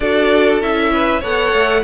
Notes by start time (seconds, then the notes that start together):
0.00 D4 F#4 A4 D5
0.61 C#4 E4 E5
0.93 B4
1.20 B3 A4 C#5 F#5
1.52 A3